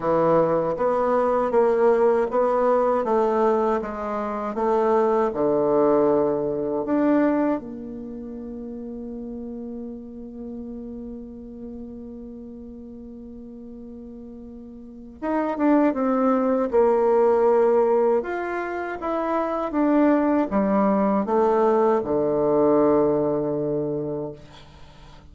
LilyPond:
\new Staff \with { instrumentName = "bassoon" } { \time 4/4 \tempo 4 = 79 e4 b4 ais4 b4 | a4 gis4 a4 d4~ | d4 d'4 ais2~ | ais1~ |
ais1 | dis'8 d'8 c'4 ais2 | f'4 e'4 d'4 g4 | a4 d2. | }